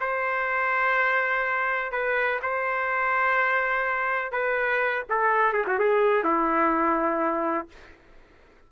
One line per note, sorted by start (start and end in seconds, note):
0.00 1.91 C5
1.91 2.39 B4
2.42 4.32 C5
4.32 5.04 B4
5.09 5.53 A4
5.53 5.65 G#4
5.66 5.78 F#4
5.79 6.24 G#4
6.24 7.68 E4